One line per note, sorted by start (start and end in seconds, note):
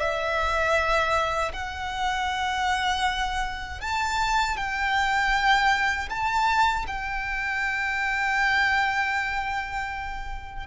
0.00 1.52 E5
1.53 3.81 F#5
3.81 4.57 A5
4.57 6.09 G5
6.10 6.86 A5
6.87 10.66 G5